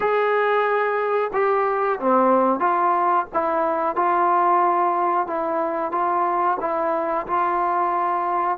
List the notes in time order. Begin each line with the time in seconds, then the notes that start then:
0.00 G#4
1.33 G4
1.99 C4
2.59 F4
3.33 E4
3.95 F4
5.26 E4
5.91 F4
6.60 E4
7.26 F4